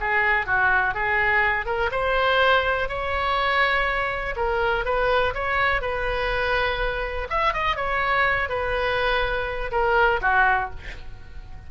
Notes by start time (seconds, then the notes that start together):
0.00 G#4
0.46 F#4
0.94 G#4
1.66 A#4
1.91 C5
2.88 C#5
4.36 A#4
4.85 B4
5.34 C#5
5.81 B4
7.29 E5
7.53 D#5
7.76 C#5
8.49 B4
9.71 A#4
10.21 F#4